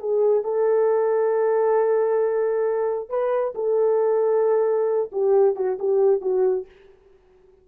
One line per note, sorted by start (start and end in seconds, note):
0.00 0.44 G#4
0.44 3.09 A4
3.09 3.54 B4
3.55 5.11 A4
5.12 5.56 G4
5.56 5.78 F#4
5.79 6.22 G4
6.22 6.66 F#4